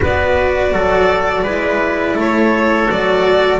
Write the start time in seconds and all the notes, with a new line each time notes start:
0.01 B3 F#4 B4 D5
0.72 F#3 A4
1.42 G#3 E4 B4
2.15 A3 A4 C#5
2.87 F#3 F#4 D5